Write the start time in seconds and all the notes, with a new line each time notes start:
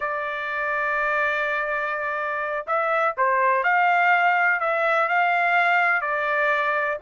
0.00 D5
2.67 E5
3.17 C5
3.63 F5
4.60 E5
5.08 F5
6.01 D5